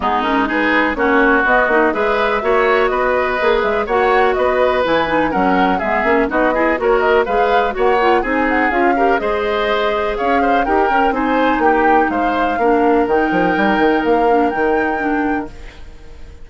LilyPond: <<
  \new Staff \with { instrumentName = "flute" } { \time 4/4 \tempo 4 = 124 gis'8 ais'8 b'4 cis''4 dis''4 | e''2 dis''4. e''8 | fis''4 dis''4 gis''4 fis''4 | e''4 dis''4 cis''8 dis''8 f''4 |
fis''4 gis''8 fis''8 f''4 dis''4~ | dis''4 f''4 g''4 gis''4 | g''4 f''2 g''4~ | g''4 f''4 g''2 | }
  \new Staff \with { instrumentName = "oboe" } { \time 4/4 dis'4 gis'4 fis'2 | b'4 cis''4 b'2 | cis''4 b'2 ais'4 | gis'4 fis'8 gis'8 ais'4 b'4 |
cis''4 gis'4. ais'8 c''4~ | c''4 cis''8 c''8 ais'4 c''4 | g'4 c''4 ais'2~ | ais'1 | }
  \new Staff \with { instrumentName = "clarinet" } { \time 4/4 b8 cis'8 dis'4 cis'4 b8 dis'8 | gis'4 fis'2 gis'4 | fis'2 e'8 dis'8 cis'4 | b8 cis'8 dis'8 e'8 fis'4 gis'4 |
fis'8 f'8 dis'4 f'8 g'8 gis'4~ | gis'2 g'8 ais'8 dis'4~ | dis'2 d'4 dis'4~ | dis'4. d'8 dis'4 d'4 | }
  \new Staff \with { instrumentName = "bassoon" } { \time 4/4 gis2 ais4 b8 ais8 | gis4 ais4 b4 ais8 gis8 | ais4 b4 e4 fis4 | gis8 ais8 b4 ais4 gis4 |
ais4 c'4 cis'4 gis4~ | gis4 cis'4 dis'8 cis'8 c'4 | ais4 gis4 ais4 dis8 f8 | g8 dis8 ais4 dis2 | }
>>